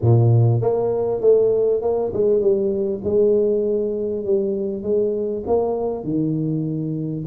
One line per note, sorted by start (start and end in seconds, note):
0.01 0.61 A#2
0.61 1.20 A#3
1.20 1.81 A3
1.81 2.12 A#3
2.13 2.40 G#3
2.40 3.01 G3
3.03 4.25 G#3
4.25 4.82 G3
4.82 5.43 G#3
5.46 6.04 A#3
6.04 7.25 D#3